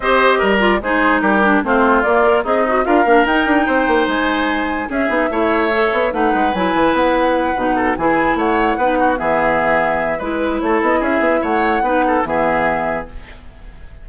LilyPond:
<<
  \new Staff \with { instrumentName = "flute" } { \time 4/4 \tempo 4 = 147 dis''4. d''8 c''4 ais'4 | c''4 d''4 dis''4 f''4 | g''2 gis''2 | e''2. fis''4 |
gis''4 fis''2~ fis''8 gis''8~ | gis''8 fis''2 e''4.~ | e''4 b'4 cis''8 dis''8 e''4 | fis''2 e''2 | }
  \new Staff \with { instrumentName = "oboe" } { \time 4/4 c''4 ais'4 gis'4 g'4 | f'2 dis'4 ais'4~ | ais'4 c''2. | gis'4 cis''2 b'4~ |
b'2. a'8 gis'8~ | gis'8 cis''4 b'8 fis'8 gis'4.~ | gis'4 b'4 a'4 gis'4 | cis''4 b'8 a'8 gis'2 | }
  \new Staff \with { instrumentName = "clarinet" } { \time 4/4 g'4. f'8 dis'4. d'8 | c'4 ais8 ais'8 gis'8 fis'8 f'8 d'8 | dis'1 | cis'8 dis'8 e'4 a'4 dis'4 |
e'2~ e'8 dis'4 e'8~ | e'4. dis'4 b4.~ | b4 e'2.~ | e'4 dis'4 b2 | }
  \new Staff \with { instrumentName = "bassoon" } { \time 4/4 c'4 g4 gis4 g4 | a4 ais4 c'4 d'8 ais8 | dis'8 d'8 c'8 ais8 gis2 | cis'8 b8 a4. b8 a8 gis8 |
fis8 e8 b4. b,4 e8~ | e8 a4 b4 e4.~ | e4 gis4 a8 b8 cis'8 b8 | a4 b4 e2 | }
>>